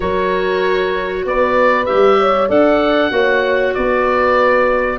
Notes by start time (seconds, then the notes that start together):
0.00 F#3 F#4 A#4 C#5
1.24 B3 B4 D5
1.85 G3 G4 E5
2.19 C#5
2.48 D4 A4 D5 F#5
3.10 A#3 F#4 C#5
3.74 B3 B4 D5